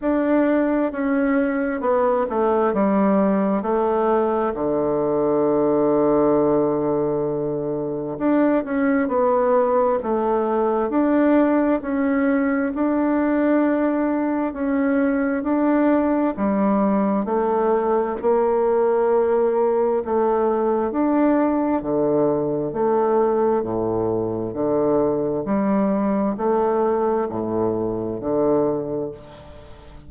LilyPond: \new Staff \with { instrumentName = "bassoon" } { \time 4/4 \tempo 4 = 66 d'4 cis'4 b8 a8 g4 | a4 d2.~ | d4 d'8 cis'8 b4 a4 | d'4 cis'4 d'2 |
cis'4 d'4 g4 a4 | ais2 a4 d'4 | d4 a4 a,4 d4 | g4 a4 a,4 d4 | }